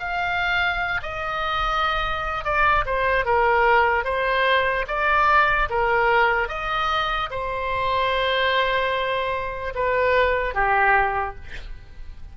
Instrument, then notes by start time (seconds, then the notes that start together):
oboe
0.00 F5
1.03 D#5
2.45 D5
2.86 C5
3.25 A#4
4.05 C5
4.88 D5
5.70 A#4
6.49 D#5
7.31 C5
9.76 B4
10.55 G4